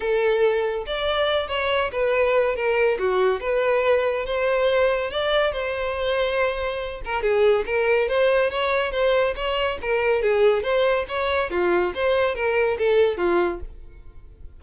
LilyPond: \new Staff \with { instrumentName = "violin" } { \time 4/4 \tempo 4 = 141 a'2 d''4. cis''8~ | cis''8 b'4. ais'4 fis'4 | b'2 c''2 | d''4 c''2.~ |
c''8 ais'8 gis'4 ais'4 c''4 | cis''4 c''4 cis''4 ais'4 | gis'4 c''4 cis''4 f'4 | c''4 ais'4 a'4 f'4 | }